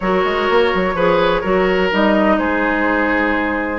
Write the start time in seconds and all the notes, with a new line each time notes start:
0.00 F#3 F#4 A#4 C#5
0.24 G#3
0.49 A#3
0.74 F#3
0.94 F3 G#4 B4
1.41 F#3 F#4 A#4
1.91 G3 D#4 D#5
2.38 G#3 G#4 C5